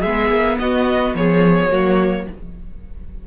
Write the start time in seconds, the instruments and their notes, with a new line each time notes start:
0.00 cello G#3, viola B3, violin G#4 E5
0.30 cello A#3
0.58 cello B3, violin F#4 D#5
1.14 cello F3, violin G#4 C#5
1.71 cello F#3, viola A#3, violin F#4